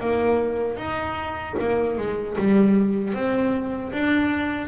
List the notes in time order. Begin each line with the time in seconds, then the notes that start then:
0.00 A#3
0.77 D#4
1.59 A#3
1.97 G#3
2.38 G3
3.13 C4
3.92 D4